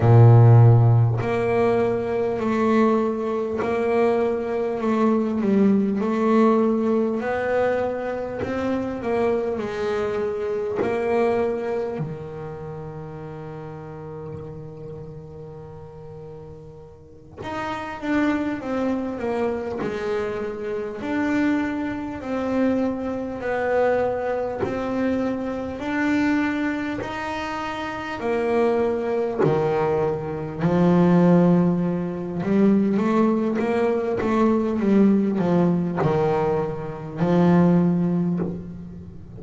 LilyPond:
\new Staff \with { instrumentName = "double bass" } { \time 4/4 \tempo 4 = 50 ais,4 ais4 a4 ais4 | a8 g8 a4 b4 c'8 ais8 | gis4 ais4 dis2~ | dis2~ dis8 dis'8 d'8 c'8 |
ais8 gis4 d'4 c'4 b8~ | b8 c'4 d'4 dis'4 ais8~ | ais8 dis4 f4. g8 a8 | ais8 a8 g8 f8 dis4 f4 | }